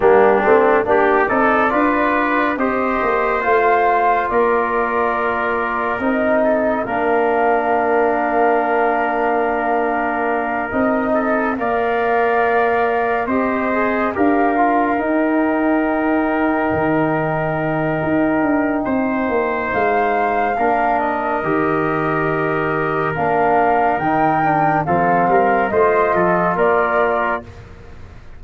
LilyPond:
<<
  \new Staff \with { instrumentName = "flute" } { \time 4/4 \tempo 4 = 70 g'4 d''2 dis''4 | f''4 d''2 dis''4 | f''1~ | f''8 dis''4 f''2 dis''8~ |
dis''8 f''4 g''2~ g''8~ | g''2. f''4~ | f''8 dis''2~ dis''8 f''4 | g''4 f''4 dis''4 d''4 | }
  \new Staff \with { instrumentName = "trumpet" } { \time 4/4 d'4 g'8 a'8 b'4 c''4~ | c''4 ais'2~ ais'8 a'8 | ais'1~ | ais'4 a'8 d''2 c''8~ |
c''8 ais'2.~ ais'8~ | ais'2 c''2 | ais'1~ | ais'4 a'8 ais'8 c''8 a'8 ais'4 | }
  \new Staff \with { instrumentName = "trombone" } { \time 4/4 ais8 c'8 d'8 dis'8 f'4 g'4 | f'2. dis'4 | d'1~ | d'8 dis'4 ais'2 g'8 |
gis'8 g'8 f'8 dis'2~ dis'8~ | dis'1 | d'4 g'2 d'4 | dis'8 d'8 c'4 f'2 | }
  \new Staff \with { instrumentName = "tuba" } { \time 4/4 g8 a8 ais8 c'8 d'4 c'8 ais8 | a4 ais2 c'4 | ais1~ | ais8 c'4 ais2 c'8~ |
c'8 d'4 dis'2 dis8~ | dis4 dis'8 d'8 c'8 ais8 gis4 | ais4 dis2 ais4 | dis4 f8 g8 a8 f8 ais4 | }
>>